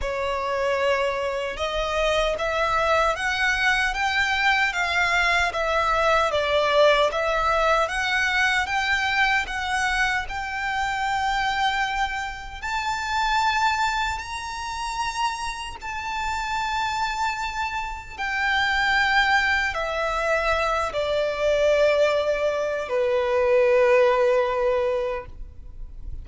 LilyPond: \new Staff \with { instrumentName = "violin" } { \time 4/4 \tempo 4 = 76 cis''2 dis''4 e''4 | fis''4 g''4 f''4 e''4 | d''4 e''4 fis''4 g''4 | fis''4 g''2. |
a''2 ais''2 | a''2. g''4~ | g''4 e''4. d''4.~ | d''4 b'2. | }